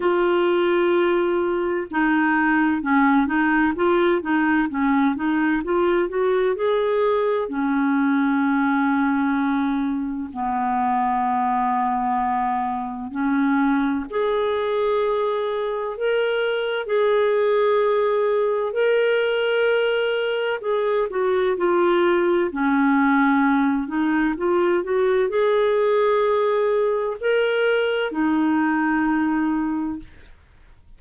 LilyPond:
\new Staff \with { instrumentName = "clarinet" } { \time 4/4 \tempo 4 = 64 f'2 dis'4 cis'8 dis'8 | f'8 dis'8 cis'8 dis'8 f'8 fis'8 gis'4 | cis'2. b4~ | b2 cis'4 gis'4~ |
gis'4 ais'4 gis'2 | ais'2 gis'8 fis'8 f'4 | cis'4. dis'8 f'8 fis'8 gis'4~ | gis'4 ais'4 dis'2 | }